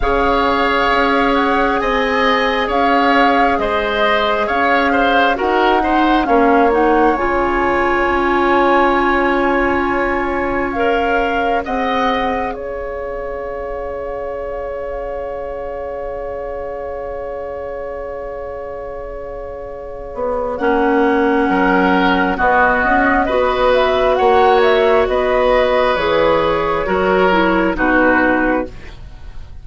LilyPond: <<
  \new Staff \with { instrumentName = "flute" } { \time 4/4 \tempo 4 = 67 f''4. fis''8 gis''4 f''4 | dis''4 f''4 fis''4 f''8 fis''8 | gis''1 | f''4 fis''4 f''2~ |
f''1~ | f''2. fis''4~ | fis''4 dis''4. e''8 fis''8 e''8 | dis''4 cis''2 b'4 | }
  \new Staff \with { instrumentName = "oboe" } { \time 4/4 cis''2 dis''4 cis''4 | c''4 cis''8 c''8 ais'8 c''8 cis''4~ | cis''1~ | cis''4 dis''4 cis''2~ |
cis''1~ | cis''1 | ais'4 fis'4 b'4 cis''4 | b'2 ais'4 fis'4 | }
  \new Staff \with { instrumentName = "clarinet" } { \time 4/4 gis'1~ | gis'2 fis'8 dis'8 cis'8 dis'8 | f'1 | ais'4 gis'2.~ |
gis'1~ | gis'2. cis'4~ | cis'4 b4 fis'2~ | fis'4 gis'4 fis'8 e'8 dis'4 | }
  \new Staff \with { instrumentName = "bassoon" } { \time 4/4 cis4 cis'4 c'4 cis'4 | gis4 cis'4 dis'4 ais4 | cis4 cis'2.~ | cis'4 c'4 cis'2~ |
cis'1~ | cis'2~ cis'8 b8 ais4 | fis4 b8 cis'8 b4 ais4 | b4 e4 fis4 b,4 | }
>>